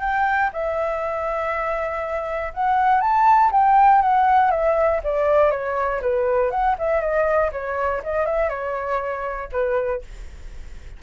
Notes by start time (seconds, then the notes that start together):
0.00 G5
0.53 E5
2.53 F#5
3.00 A5
3.51 G5
4.01 F#5
4.50 E5
5.03 D5
5.50 C#5
6.01 B4
6.50 F#5
6.78 E5
7.00 D#5
7.52 C#5
8.03 D#5
8.25 E5
8.49 C#5
9.51 B4